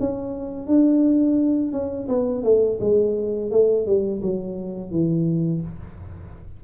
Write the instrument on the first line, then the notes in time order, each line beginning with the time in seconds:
tuba
0.00 C#4
0.67 D4
1.73 C#4
2.08 B3
2.44 A3
2.80 G#3
3.51 A3
3.86 G3
4.22 F#3
4.91 E3